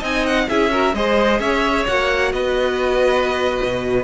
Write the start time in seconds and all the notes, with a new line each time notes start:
0.00 C4 D#4 D#5 G#5
0.26 F#5
0.49 C#4 E4 G#4 E5
0.71 F#4 A#4
0.94 G#3 G#4 C5 D#5
1.40 C#4 C#5 E5
1.87 A#3 F#4 F#5
2.33 B3 B4 D#5
3.64 B2